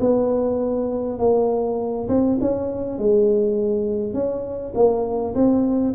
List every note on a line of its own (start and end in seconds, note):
0.00 1.19 B3
1.19 2.08 A#3
2.08 2.38 C4
2.41 2.98 C#4
2.98 4.13 G#3
4.13 4.73 C#4
4.75 5.34 A#3
5.35 5.94 C4